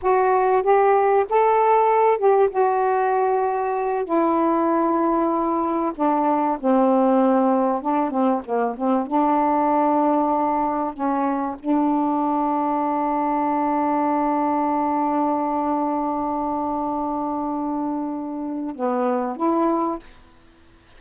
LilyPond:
\new Staff \with { instrumentName = "saxophone" } { \time 4/4 \tempo 4 = 96 fis'4 g'4 a'4. g'8 | fis'2~ fis'8 e'4.~ | e'4. d'4 c'4.~ | c'8 d'8 c'8 ais8 c'8 d'4.~ |
d'4. cis'4 d'4.~ | d'1~ | d'1~ | d'2 b4 e'4 | }